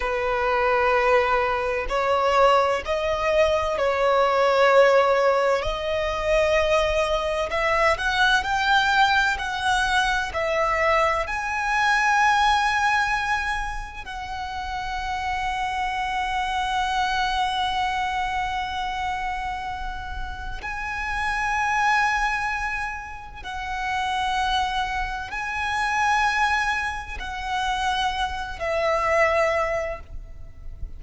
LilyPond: \new Staff \with { instrumentName = "violin" } { \time 4/4 \tempo 4 = 64 b'2 cis''4 dis''4 | cis''2 dis''2 | e''8 fis''8 g''4 fis''4 e''4 | gis''2. fis''4~ |
fis''1~ | fis''2 gis''2~ | gis''4 fis''2 gis''4~ | gis''4 fis''4. e''4. | }